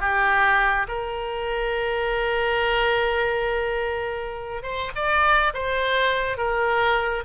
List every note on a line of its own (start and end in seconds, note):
0.00 0.87 G4
0.88 4.63 A#4
4.63 4.91 C5
4.95 5.53 D5
5.54 6.37 C5
6.37 7.24 A#4